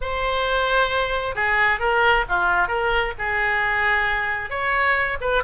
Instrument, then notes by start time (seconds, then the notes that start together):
oboe
0.01 C5
1.35 G#4
1.79 A#4
2.28 F4
2.68 A#4
3.18 G#4
4.50 C#5
5.20 B4